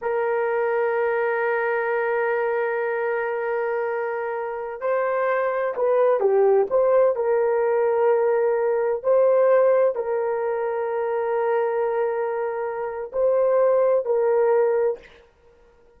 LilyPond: \new Staff \with { instrumentName = "horn" } { \time 4/4 \tempo 4 = 128 ais'1~ | ais'1~ | ais'2~ ais'16 c''4.~ c''16~ | c''16 b'4 g'4 c''4 ais'8.~ |
ais'2.~ ais'16 c''8.~ | c''4~ c''16 ais'2~ ais'8.~ | ais'1 | c''2 ais'2 | }